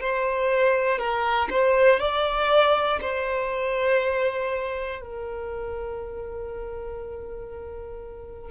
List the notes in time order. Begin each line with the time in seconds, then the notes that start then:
0.00 C5
0.98 A#4
1.50 C5
1.99 D5
3.00 C5
5.01 A#4